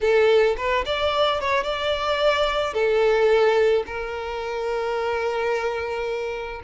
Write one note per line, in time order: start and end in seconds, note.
0.00 0.55 A4
0.57 0.84 B4
0.85 1.40 D5
1.40 1.63 C#5
1.63 2.73 D5
2.73 3.83 A4
3.86 6.61 A#4